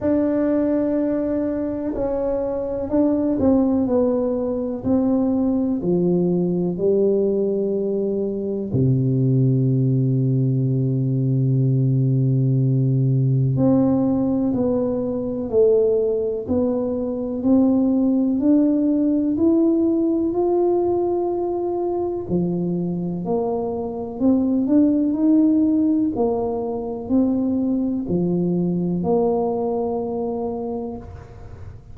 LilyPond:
\new Staff \with { instrumentName = "tuba" } { \time 4/4 \tempo 4 = 62 d'2 cis'4 d'8 c'8 | b4 c'4 f4 g4~ | g4 c2.~ | c2 c'4 b4 |
a4 b4 c'4 d'4 | e'4 f'2 f4 | ais4 c'8 d'8 dis'4 ais4 | c'4 f4 ais2 | }